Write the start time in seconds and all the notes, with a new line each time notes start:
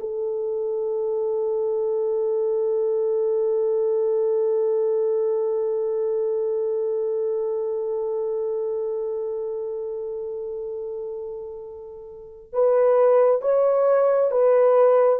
0.00 A4
12.53 B4
13.42 C#5
14.31 B4